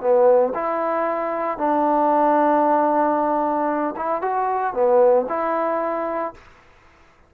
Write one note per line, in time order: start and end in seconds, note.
0.00 0.53 B3
0.54 1.58 E4
1.58 3.94 D4
3.96 4.21 E4
4.21 4.73 F#4
4.73 5.26 B3
5.28 6.34 E4